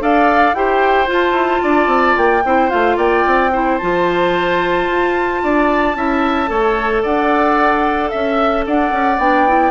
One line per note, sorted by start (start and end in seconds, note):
0.00 0.54 D4
0.00 0.54 A4
0.00 0.56 D5
0.00 0.54 F5
0.54 1.08 E4
0.54 1.06 G4
0.54 1.62 C5
0.54 1.08 G5
1.06 2.41 F4
1.06 1.32 F4
1.13 2.17 A5
1.32 1.59 E4
1.62 1.87 D4
1.62 2.43 D5
1.87 2.14 C4
2.17 2.44 A#3
2.17 2.70 G5
2.44 2.72 C4
2.44 2.69 E4
2.44 2.97 C5
2.69 2.97 A3
2.69 3.50 F4
2.69 2.97 F5
2.97 3.24 A#3
2.97 3.51 D5
2.97 3.78 G5
3.26 3.80 C4
3.52 3.80 E4
3.52 5.41 C5
3.78 4.87 F3
3.78 5.95 F4
3.78 7.02 A5
4.87 5.41 F4
5.43 5.95 D4
5.43 5.97 D5
5.95 6.49 C#4
5.95 6.47 E4
5.95 6.50 E5
6.47 7.03 A3
6.47 9.17 A4
6.47 7.02 C#5
7.02 8.12 D4
7.02 8.10 D5
7.02 8.09 F#5
8.09 8.67 C#4
8.09 8.63 E5
8.09 8.64 E5
8.67 8.92 D4
8.67 9.71 D5
8.67 9.19 F#5
8.92 9.18 C#4
9.18 9.71 B3
9.18 9.47 D4
9.18 9.71 G5
9.48 9.71 E4